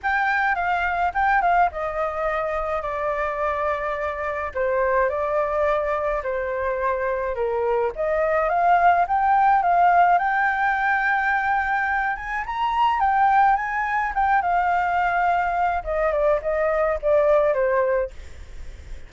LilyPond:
\new Staff \with { instrumentName = "flute" } { \time 4/4 \tempo 4 = 106 g''4 f''4 g''8 f''8 dis''4~ | dis''4 d''2. | c''4 d''2 c''4~ | c''4 ais'4 dis''4 f''4 |
g''4 f''4 g''2~ | g''4. gis''8 ais''4 g''4 | gis''4 g''8 f''2~ f''8 | dis''8 d''8 dis''4 d''4 c''4 | }